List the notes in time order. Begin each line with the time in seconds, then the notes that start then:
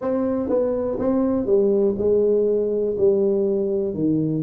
0.01 C4
0.49 B3
0.99 C4
1.46 G3
1.98 G#3
2.97 G3
3.93 D#3